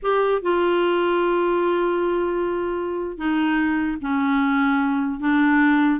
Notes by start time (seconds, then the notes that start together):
0.02 G4
0.42 F4
3.17 D#4
4.01 C#4
5.20 D4